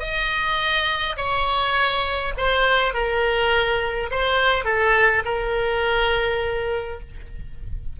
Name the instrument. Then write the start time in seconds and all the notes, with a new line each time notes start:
oboe
0.00 D#5
1.17 C#5
2.38 C5
2.94 A#4
4.11 C5
4.65 A4
5.25 A#4